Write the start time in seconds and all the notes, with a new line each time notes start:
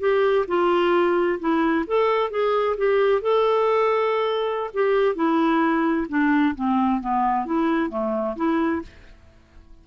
0.00 G4
0.48 F4
1.40 E4
1.87 A4
2.31 G#4
2.78 G4
3.22 A4
4.74 G4
5.16 E4
6.09 D4
6.56 C4
7.01 B3
7.46 E4
7.90 A3
8.36 E4